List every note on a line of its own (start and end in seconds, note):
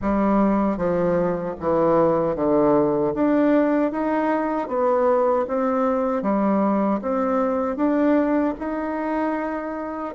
0.01 0.77 G3
0.77 1.54 F3
1.59 2.36 E3
2.36 3.13 D3
3.14 3.91 D4
3.91 4.68 D#4
4.68 5.45 B3
5.47 6.22 C4
6.22 7.00 G3
7.01 7.76 C4
7.76 8.54 D4
8.58 10.14 D#4